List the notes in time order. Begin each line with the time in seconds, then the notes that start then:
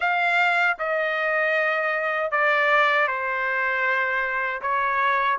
0.00 F5
0.79 D#5
2.31 D5
3.07 C5
4.61 C#5